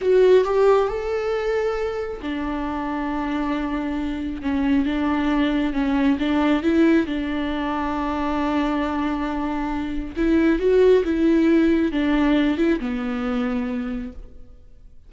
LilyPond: \new Staff \with { instrumentName = "viola" } { \time 4/4 \tempo 4 = 136 fis'4 g'4 a'2~ | a'4 d'2.~ | d'2 cis'4 d'4~ | d'4 cis'4 d'4 e'4 |
d'1~ | d'2. e'4 | fis'4 e'2 d'4~ | d'8 e'8 b2. | }